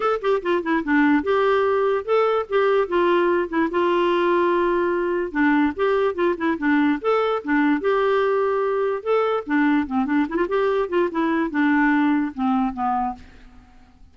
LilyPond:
\new Staff \with { instrumentName = "clarinet" } { \time 4/4 \tempo 4 = 146 a'8 g'8 f'8 e'8 d'4 g'4~ | g'4 a'4 g'4 f'4~ | f'8 e'8 f'2.~ | f'4 d'4 g'4 f'8 e'8 |
d'4 a'4 d'4 g'4~ | g'2 a'4 d'4 | c'8 d'8 e'16 f'16 g'4 f'8 e'4 | d'2 c'4 b4 | }